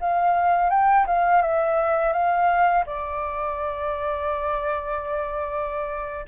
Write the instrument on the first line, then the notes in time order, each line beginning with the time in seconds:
flute
0.00 F5
0.70 G5
1.06 F5
1.42 E5
2.13 F5
2.86 D5